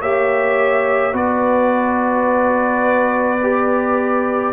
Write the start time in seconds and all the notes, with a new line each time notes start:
0.00 A#3 G4 C#5 E5
1.12 B3 F#4 B4 D5
3.42 G4